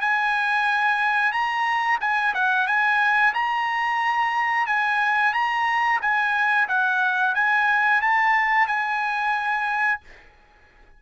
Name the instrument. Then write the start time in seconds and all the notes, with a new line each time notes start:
trumpet
0.00 G#5
1.32 A#5
2.00 G#5
2.34 F#5
2.66 G#5
3.33 A#5
4.66 G#5
5.33 A#5
6.01 G#5
6.68 F#5
7.34 G#5
8.01 A5
8.67 G#5